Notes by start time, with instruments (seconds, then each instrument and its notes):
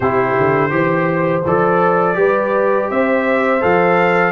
0.00 tuba C3, trombone E4, horn G4, trumpet C5
0.39 tuba D3
0.70 tuba E3, trombone G4, horn C5
1.45 tuba F3, trombone A4, trumpet D5
2.14 tuba G3, trombone G4, horn B4
2.89 tuba C4, horn C5, trumpet E5
3.60 tuba F3, trombone A4, trumpet F5